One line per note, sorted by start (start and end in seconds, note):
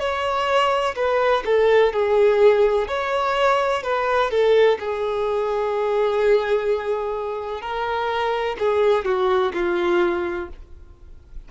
0.00 0.95 C#5
0.96 1.44 B4
1.46 1.93 A4
1.93 2.88 G#4
2.88 3.83 C#5
3.83 4.31 B4
4.31 4.79 A4
4.80 7.61 G#4
7.61 8.57 A#4
8.59 9.05 G#4
9.05 9.53 F#4
9.54 10.49 F4